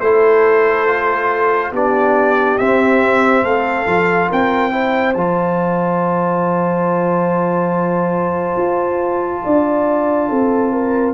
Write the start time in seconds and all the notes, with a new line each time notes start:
0.00 A3 E4 A4 C5
0.87 F4
1.71 B3 D4 G4 D5
2.58 C4 E5
3.43 A3 A4 F5
3.86 F3 F4
4.29 C4 A#4 G5
4.71 E4 C5
5.13 F3 F4 A5
8.57 F4
9.44 D4 D5
10.29 C4 A4
10.72 A#4